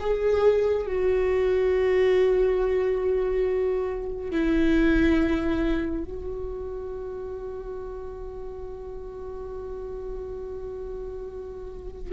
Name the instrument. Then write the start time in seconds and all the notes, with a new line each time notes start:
viola
0.00 G#4
0.87 F#4
4.31 E4
6.04 F#4